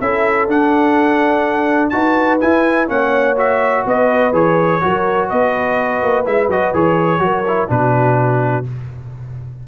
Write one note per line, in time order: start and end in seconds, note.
0.00 0.48 C#4
0.00 0.48 E4
0.00 1.92 A4
0.00 0.48 E5
0.48 1.92 D4
0.48 1.89 F#5
1.89 2.41 D#4
1.89 2.40 F#4
1.89 2.90 B4
1.89 2.37 A5
2.40 2.87 E4
2.40 2.89 E4
2.40 2.88 G#5
2.87 3.85 A#3
2.87 3.35 C#4
2.87 3.84 C#5
2.87 3.37 F#5
3.36 4.32 F#4
3.36 3.86 E5
3.84 4.32 B3
3.84 4.80 B4
3.84 4.34 D#5
4.32 4.80 E3
4.32 4.80 G#4
4.32 5.29 C#5
4.80 5.31 F#3
4.80 6.25 F#4
4.80 5.28 A#4
5.28 6.03 B3
5.28 7.20 B4
5.28 6.25 D#5
6.03 6.26 A#3
6.25 6.48 G#3
6.25 6.49 E4
6.25 6.50 E5
6.48 6.71 F#3
6.48 6.73 F#4
6.48 6.74 D#5
6.73 7.20 E3
6.73 7.19 G#4
6.73 7.70 C#5
7.19 7.67 F#3
7.19 7.43 F#4
7.19 7.71 A#4
7.47 7.67 E4
7.67 8.65 B2
7.67 8.63 D4
7.67 8.67 F#4
7.67 8.66 B4